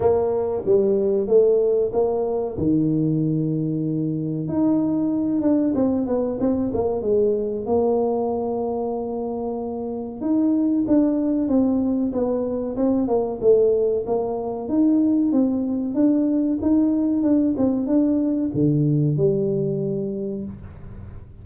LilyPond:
\new Staff \with { instrumentName = "tuba" } { \time 4/4 \tempo 4 = 94 ais4 g4 a4 ais4 | dis2. dis'4~ | dis'8 d'8 c'8 b8 c'8 ais8 gis4 | ais1 |
dis'4 d'4 c'4 b4 | c'8 ais8 a4 ais4 dis'4 | c'4 d'4 dis'4 d'8 c'8 | d'4 d4 g2 | }